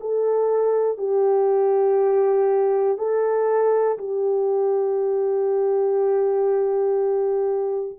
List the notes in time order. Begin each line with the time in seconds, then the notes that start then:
0.00 A4
0.97 G4
2.97 A4
3.98 G4